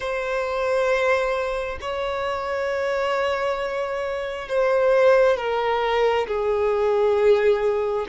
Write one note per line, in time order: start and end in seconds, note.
0.00 1.78 C5
1.81 4.48 C#5
4.48 5.37 C5
5.37 6.26 A#4
6.27 8.06 G#4